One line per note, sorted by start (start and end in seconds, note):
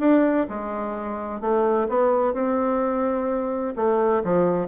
0.00 0.47 D4
0.49 1.41 G#3
1.41 1.88 A3
1.89 2.34 B3
2.34 3.74 C4
3.76 4.23 A3
4.24 4.68 F3